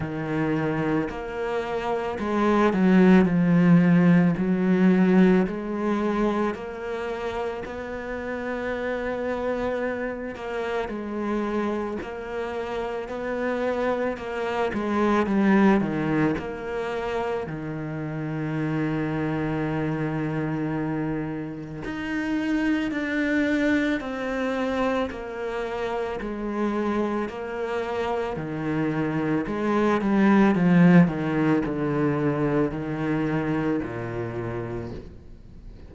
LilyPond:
\new Staff \with { instrumentName = "cello" } { \time 4/4 \tempo 4 = 55 dis4 ais4 gis8 fis8 f4 | fis4 gis4 ais4 b4~ | b4. ais8 gis4 ais4 | b4 ais8 gis8 g8 dis8 ais4 |
dis1 | dis'4 d'4 c'4 ais4 | gis4 ais4 dis4 gis8 g8 | f8 dis8 d4 dis4 ais,4 | }